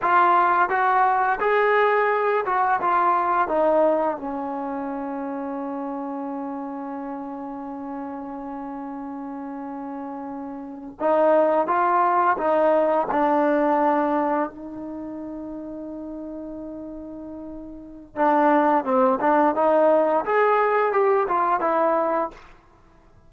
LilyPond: \new Staff \with { instrumentName = "trombone" } { \time 4/4 \tempo 4 = 86 f'4 fis'4 gis'4. fis'8 | f'4 dis'4 cis'2~ | cis'1~ | cis'2.~ cis'8. dis'16~ |
dis'8. f'4 dis'4 d'4~ d'16~ | d'8. dis'2.~ dis'16~ | dis'2 d'4 c'8 d'8 | dis'4 gis'4 g'8 f'8 e'4 | }